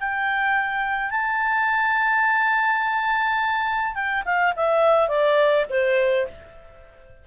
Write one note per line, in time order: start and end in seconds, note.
0.00 1.10 G5
1.10 3.95 A5
3.95 4.23 G5
4.25 4.54 F5
4.56 5.08 E5
5.08 5.65 D5
5.69 6.26 C5